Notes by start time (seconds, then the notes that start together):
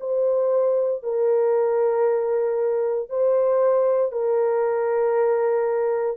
0.00 C5
1.03 A#4
3.09 C5
4.12 A#4